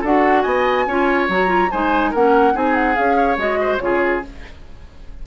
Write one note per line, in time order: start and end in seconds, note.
0.00 0.45 D4
0.00 0.88 F#4
0.00 0.42 A4
0.00 0.41 F#5
0.41 0.86 B3
0.41 0.85 D#5
0.41 1.25 G#5
0.86 1.28 C#4
0.86 1.30 F4
0.86 1.71 C#5
1.28 1.70 F#3
1.28 1.47 F#4
1.28 1.70 A#5
1.47 1.68 F4
1.70 2.13 G#3
1.70 2.15 D#4
1.70 2.11 C5
1.70 2.12 G#5
2.11 2.54 A#3
2.11 2.53 C#4
2.11 2.53 A#4
2.11 2.56 F#5
2.53 2.96 C4
2.53 2.94 D#4
2.53 3.16 G#4
2.53 2.74 G#5
2.74 2.95 F#5
2.94 3.37 C#4
2.94 3.36 G#4
2.94 3.37 F5
3.16 3.58 C#5
3.37 3.79 G#3
3.37 3.80 F#4
3.37 3.77 D#5
3.61 3.82 C5
3.77 4.22 C#3
3.77 4.22 F4
3.77 4.19 C#5
3.84 4.26 G#4